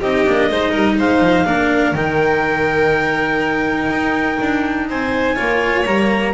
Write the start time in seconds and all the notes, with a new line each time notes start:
0.00 C4 D#4 G4 D#5
0.27 A#3 D4
0.50 G#3 D#4 C5
0.71 G3 A#4
0.98 G#3 C5 F5
1.20 F3
1.46 A#3 D4 A#4
1.93 D#3 D#4 G5
3.89 D#4
4.41 D4
4.89 C4 C5 G#5
5.35 A#3 F4 C#5
5.86 G3 A#3 A#5